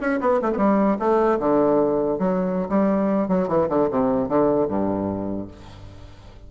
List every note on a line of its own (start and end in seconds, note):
0.00 0.20 C#4
0.20 0.40 B3
0.42 0.52 A3
0.53 0.97 G3
0.53 0.57 B3
0.99 1.39 A3
1.39 2.18 D3
2.18 2.68 F#3
2.69 3.28 G3
3.28 3.48 F#3
3.48 3.68 E3
3.69 3.89 D3
3.90 4.28 C3
4.28 4.68 D3
4.68 5.48 G2